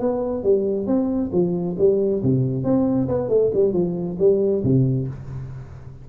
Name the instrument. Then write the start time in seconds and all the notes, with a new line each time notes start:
tuba
0.00 B3
0.44 G3
0.87 C4
1.32 F3
1.78 G3
2.23 C3
2.64 C4
3.08 B3
3.29 A3
3.54 G3
3.73 F3
4.19 G3
4.63 C3